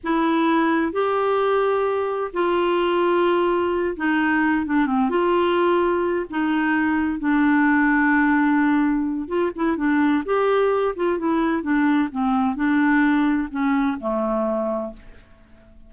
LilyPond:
\new Staff \with { instrumentName = "clarinet" } { \time 4/4 \tempo 4 = 129 e'2 g'2~ | g'4 f'2.~ | f'8 dis'4. d'8 c'8 f'4~ | f'4. dis'2 d'8~ |
d'1 | f'8 e'8 d'4 g'4. f'8 | e'4 d'4 c'4 d'4~ | d'4 cis'4 a2 | }